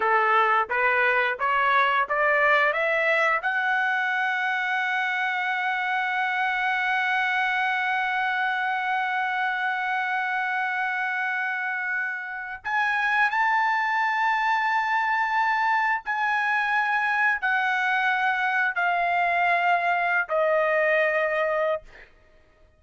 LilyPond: \new Staff \with { instrumentName = "trumpet" } { \time 4/4 \tempo 4 = 88 a'4 b'4 cis''4 d''4 | e''4 fis''2.~ | fis''1~ | fis''1~ |
fis''2~ fis''8 gis''4 a''8~ | a''2.~ a''8 gis''8~ | gis''4. fis''2 f''8~ | f''4.~ f''16 dis''2~ dis''16 | }